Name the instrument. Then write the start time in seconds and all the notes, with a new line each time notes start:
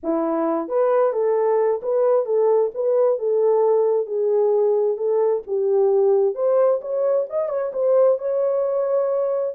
horn
0.03 E4
0.68 B4
1.12 A4
1.82 B4
2.25 A4
2.74 B4
3.19 A4
4.06 G#4
4.97 A4
5.46 G4
6.35 C5
6.81 C#5
7.29 D#5
7.48 C#5
7.73 C5
8.18 C#5